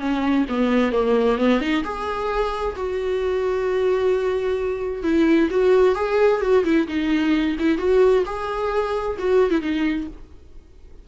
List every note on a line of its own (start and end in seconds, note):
0.00 0.46 C#4
0.49 0.92 B3
0.92 1.38 A#3
1.38 1.61 B3
1.61 1.84 D#4
1.84 2.76 G#4
2.76 5.03 F#4
5.03 5.49 E4
5.51 5.95 F#4
5.95 6.41 G#4
6.41 6.64 F#4
6.65 6.87 E4
6.88 7.57 D#4
7.59 7.78 E4
7.78 8.24 F#4
8.26 9.17 G#4
9.19 9.50 F#4
9.50 9.62 E4
9.62 10.07 D#4